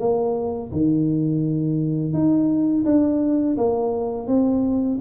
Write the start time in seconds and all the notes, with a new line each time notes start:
0.00 A#3
0.72 D#3
2.14 D#4
2.85 D4
3.57 A#3
4.27 C4